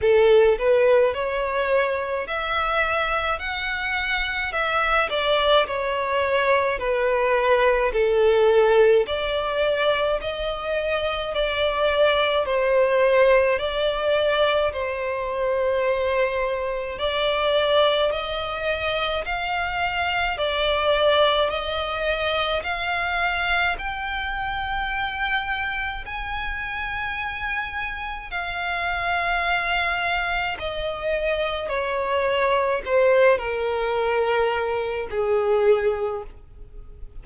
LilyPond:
\new Staff \with { instrumentName = "violin" } { \time 4/4 \tempo 4 = 53 a'8 b'8 cis''4 e''4 fis''4 | e''8 d''8 cis''4 b'4 a'4 | d''4 dis''4 d''4 c''4 | d''4 c''2 d''4 |
dis''4 f''4 d''4 dis''4 | f''4 g''2 gis''4~ | gis''4 f''2 dis''4 | cis''4 c''8 ais'4. gis'4 | }